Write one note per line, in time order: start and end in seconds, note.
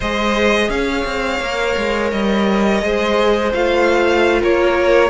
0.00 0.68 G#3
0.00 1.42 G#4
0.00 0.69 C5
0.00 0.69 D#5
0.68 1.04 C#4
0.68 2.84 C#5
0.68 2.11 F5
1.04 1.40 C4
1.40 1.75 A#3
1.40 2.82 A#4
1.77 2.12 G#3
2.11 2.82 G3
2.11 3.52 D#5
2.82 3.53 G#3
2.82 3.52 G#4
2.82 4.40 C5
3.53 4.43 A3
3.53 5.10 F4
3.53 4.41 F5
4.40 5.10 A#3
4.40 5.10 A#4
4.40 5.10 C#5